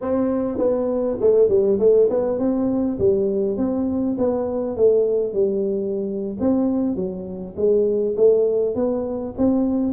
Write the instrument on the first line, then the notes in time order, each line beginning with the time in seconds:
tuba
0.01 C4
0.58 B3
1.20 A3
1.49 G3
1.79 A3
2.09 B3
2.38 C4
2.98 G3
3.57 C4
4.17 B3
4.76 A3
5.33 G3
6.40 C4
6.95 F#3
7.56 G#3
8.16 A3
8.75 B3
9.37 C4